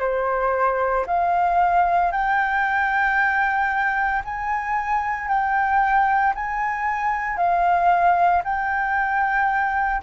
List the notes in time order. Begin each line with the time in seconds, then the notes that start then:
0.00 C5
1.07 F5
2.12 G5
4.24 G#5
5.28 G5
6.35 G#5
7.37 F5
8.44 G5